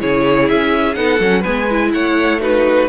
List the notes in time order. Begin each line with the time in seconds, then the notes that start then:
0.00 C#3 E4 G#4 C#5
0.49 C#4 E5
0.95 B3 D#4 A4 F#5
1.20 F#3 C#4
1.41 G#3 B3 B4 G#5
1.71 E4
1.93 A3 C#5 F#5
2.41 D#4 F#4 B4